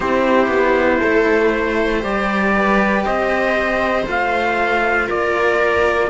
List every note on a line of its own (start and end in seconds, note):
0.00 0.47 C4
0.00 2.00 E4
0.00 1.00 G4
0.00 2.02 C5
0.47 0.98 B3
1.00 2.03 A3
1.00 1.49 A4
1.49 2.51 C5
2.00 3.05 G3
2.00 4.03 G4
2.00 3.04 D5
2.55 3.04 B4
3.04 4.06 C4
3.04 5.06 C5
3.04 4.07 D#5
4.06 5.08 A3
4.06 6.10 F4
4.06 5.09 F5
5.06 6.10 A#3
5.06 6.08 A#4
5.06 6.10 D5